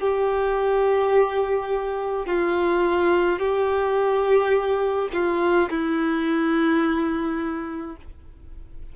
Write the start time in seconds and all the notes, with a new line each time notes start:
0.00 G4
2.27 F4
3.39 G4
5.14 F4
5.71 E4